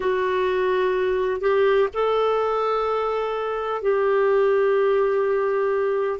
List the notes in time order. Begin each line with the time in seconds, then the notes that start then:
0.00 F#4
1.40 G4
1.93 A4
3.82 G4